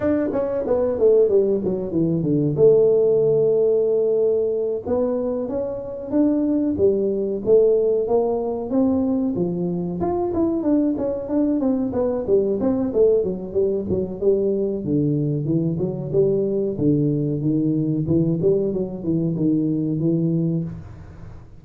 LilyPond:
\new Staff \with { instrumentName = "tuba" } { \time 4/4 \tempo 4 = 93 d'8 cis'8 b8 a8 g8 fis8 e8 d8 | a2.~ a8 b8~ | b8 cis'4 d'4 g4 a8~ | a8 ais4 c'4 f4 f'8 |
e'8 d'8 cis'8 d'8 c'8 b8 g8 c'8 | a8 fis8 g8 fis8 g4 d4 | e8 fis8 g4 d4 dis4 | e8 g8 fis8 e8 dis4 e4 | }